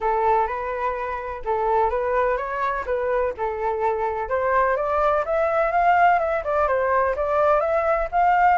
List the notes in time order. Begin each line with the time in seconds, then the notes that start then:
0.00 A4
0.47 B4
1.44 A4
1.89 B4
2.37 C#5
2.85 B4
3.37 A4
4.28 C5
4.76 D5
5.25 E5
5.71 F5
6.19 E5
6.44 D5
6.67 C5
7.16 D5
7.60 E5
8.11 F5